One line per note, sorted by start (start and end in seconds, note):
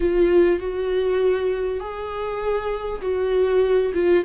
0.00 0.59 F4
0.59 1.79 F#4
1.79 3.01 G#4
3.01 3.92 F#4
3.94 4.24 F4